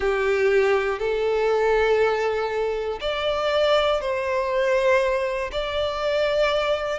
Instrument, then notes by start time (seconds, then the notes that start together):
violin
0.00 G4
0.99 A4
3.00 D5
4.00 C5
5.52 D5